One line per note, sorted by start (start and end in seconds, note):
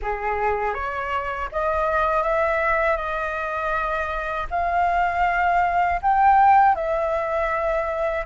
0.02 0.73 G#4
0.73 1.48 C#5
1.52 2.23 D#5
2.23 2.96 E5
2.96 4.46 D#5
4.50 6.00 F5
6.01 6.75 G5
6.75 8.25 E5